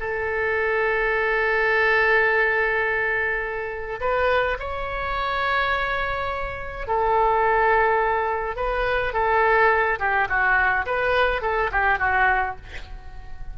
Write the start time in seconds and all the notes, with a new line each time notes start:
0.00 A4
4.00 B4
4.59 C#5
6.87 A4
8.56 B4
9.13 A4
9.99 G4
10.29 F#4
10.86 B4
11.42 A4
11.71 G4
11.99 F#4